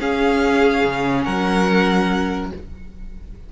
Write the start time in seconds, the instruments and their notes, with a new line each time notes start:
0.00 cello C#4, viola C#4, violin G#4 F5
0.84 cello C#3
1.24 cello F#3, violin A#4 F#5